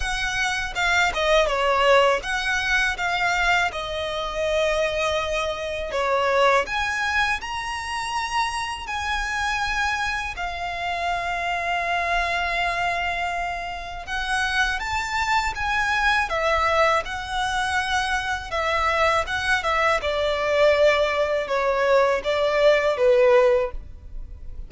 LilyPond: \new Staff \with { instrumentName = "violin" } { \time 4/4 \tempo 4 = 81 fis''4 f''8 dis''8 cis''4 fis''4 | f''4 dis''2. | cis''4 gis''4 ais''2 | gis''2 f''2~ |
f''2. fis''4 | a''4 gis''4 e''4 fis''4~ | fis''4 e''4 fis''8 e''8 d''4~ | d''4 cis''4 d''4 b'4 | }